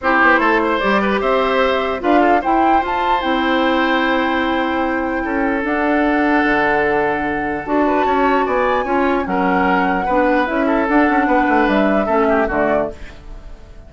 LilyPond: <<
  \new Staff \with { instrumentName = "flute" } { \time 4/4 \tempo 4 = 149 c''2 d''4 e''4~ | e''4 f''4 g''4 a''4 | g''1~ | g''2 fis''2~ |
fis''2. a''4~ | a''4 gis''2 fis''4~ | fis''2 e''4 fis''4~ | fis''4 e''2 d''4 | }
  \new Staff \with { instrumentName = "oboe" } { \time 4/4 g'4 a'8 c''4 b'8 c''4~ | c''4 b'8 a'8 c''2~ | c''1~ | c''4 a'2.~ |
a'2.~ a'8 b'8 | cis''4 d''4 cis''4 ais'4~ | ais'4 b'4. a'4. | b'2 a'8 g'8 fis'4 | }
  \new Staff \with { instrumentName = "clarinet" } { \time 4/4 e'2 g'2~ | g'4 f'4 e'4 f'4 | e'1~ | e'2 d'2~ |
d'2. fis'4~ | fis'2 f'4 cis'4~ | cis'4 d'4 e'4 d'4~ | d'2 cis'4 a4 | }
  \new Staff \with { instrumentName = "bassoon" } { \time 4/4 c'8 b8 a4 g4 c'4~ | c'4 d'4 e'4 f'4 | c'1~ | c'4 cis'4 d'2 |
d2. d'4 | cis'4 b4 cis'4 fis4~ | fis4 b4 cis'4 d'8 cis'8 | b8 a8 g4 a4 d4 | }
>>